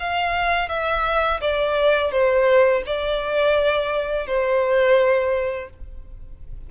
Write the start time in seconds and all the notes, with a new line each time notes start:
0.00 F5
0.69 E5
1.41 D5
2.12 C5
2.86 D5
4.27 C5